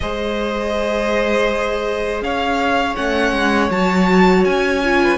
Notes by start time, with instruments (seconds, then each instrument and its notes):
0.00 cello G#3, viola G#4, violin C5 D#5
2.21 cello C#4, violin C#5 F5
2.95 cello A3, viola C#4, violin F#5
3.32 cello G#3
3.70 cello F#3, viola F#4, violin A5
4.44 cello C#4, violin G#5
4.84 viola F4
5.03 violin B4